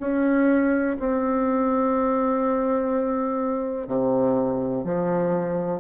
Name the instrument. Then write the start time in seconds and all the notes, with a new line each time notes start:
bassoon
0.00 C#4
0.99 C4
3.87 C3
4.84 F3